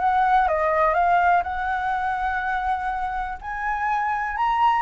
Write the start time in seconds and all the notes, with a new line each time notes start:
0.00 F#5
0.48 D#5
0.94 F5
1.44 F#5
3.42 G#5
4.37 A#5